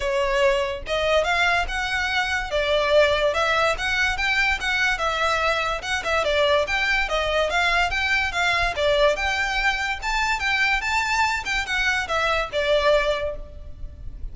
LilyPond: \new Staff \with { instrumentName = "violin" } { \time 4/4 \tempo 4 = 144 cis''2 dis''4 f''4 | fis''2 d''2 | e''4 fis''4 g''4 fis''4 | e''2 fis''8 e''8 d''4 |
g''4 dis''4 f''4 g''4 | f''4 d''4 g''2 | a''4 g''4 a''4. g''8 | fis''4 e''4 d''2 | }